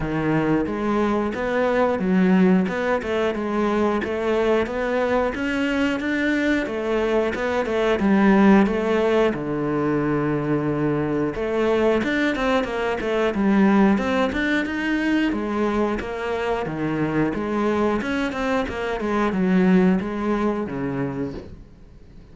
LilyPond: \new Staff \with { instrumentName = "cello" } { \time 4/4 \tempo 4 = 90 dis4 gis4 b4 fis4 | b8 a8 gis4 a4 b4 | cis'4 d'4 a4 b8 a8 | g4 a4 d2~ |
d4 a4 d'8 c'8 ais8 a8 | g4 c'8 d'8 dis'4 gis4 | ais4 dis4 gis4 cis'8 c'8 | ais8 gis8 fis4 gis4 cis4 | }